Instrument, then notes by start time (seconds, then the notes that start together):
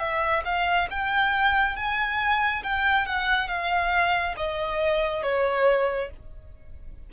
violin
0.00 E5
0.45 F5
0.91 G5
1.77 G#5
2.64 G5
3.06 F#5
3.49 F5
4.37 D#5
5.23 C#5